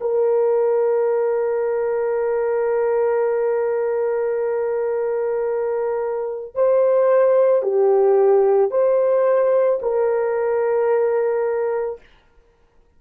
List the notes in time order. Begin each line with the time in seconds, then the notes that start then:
0.00 A#4
6.55 C5
7.62 G4
8.70 C5
9.81 A#4